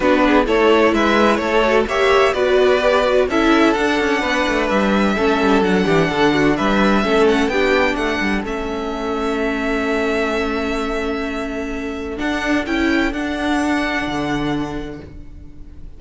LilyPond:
<<
  \new Staff \with { instrumentName = "violin" } { \time 4/4 \tempo 4 = 128 b'4 cis''4 e''4 cis''4 | e''4 d''2 e''4 | fis''2 e''2 | fis''2 e''4. fis''8 |
g''4 fis''4 e''2~ | e''1~ | e''2 fis''4 g''4 | fis''1 | }
  \new Staff \with { instrumentName = "violin" } { \time 4/4 fis'8 gis'8 a'4 b'4 a'4 | cis''4 b'2 a'4~ | a'4 b'2 a'4~ | a'8 g'8 a'8 fis'8 b'4 a'4 |
g'4 a'2.~ | a'1~ | a'1~ | a'1 | }
  \new Staff \with { instrumentName = "viola" } { \time 4/4 d'4 e'2~ e'8 fis'8 | g'4 fis'4 g'8 fis'8 e'4 | d'2. cis'4 | d'2. cis'4 |
d'2 cis'2~ | cis'1~ | cis'2 d'4 e'4 | d'1 | }
  \new Staff \with { instrumentName = "cello" } { \time 4/4 b4 a4 gis4 a4 | ais4 b2 cis'4 | d'8 cis'8 b8 a8 g4 a8 g8 | fis8 e8 d4 g4 a4 |
b4 a8 g8 a2~ | a1~ | a2 d'4 cis'4 | d'2 d2 | }
>>